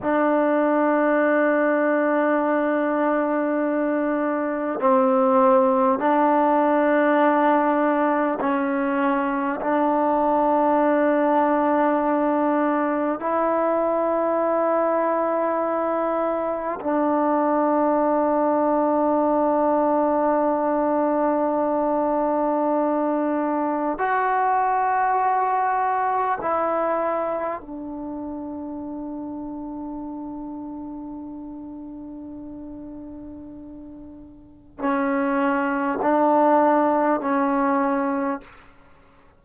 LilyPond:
\new Staff \with { instrumentName = "trombone" } { \time 4/4 \tempo 4 = 50 d'1 | c'4 d'2 cis'4 | d'2. e'4~ | e'2 d'2~ |
d'1 | fis'2 e'4 d'4~ | d'1~ | d'4 cis'4 d'4 cis'4 | }